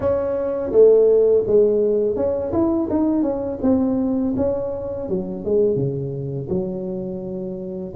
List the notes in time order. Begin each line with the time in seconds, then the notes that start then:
0.00 C#4
0.72 A3
1.46 G#3
2.16 C#4
2.52 E4
2.89 D#4
3.22 C#4
3.61 C4
4.36 C#4
5.08 F#3
5.44 G#3
5.75 C#3
6.49 F#3